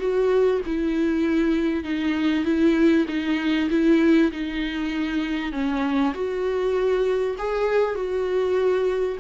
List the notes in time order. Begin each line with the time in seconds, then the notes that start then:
0.00 F#4
0.67 E4
1.84 D#4
2.45 E4
3.09 D#4
3.70 E4
4.32 D#4
5.53 C#4
6.14 F#4
7.39 G#4
7.96 F#4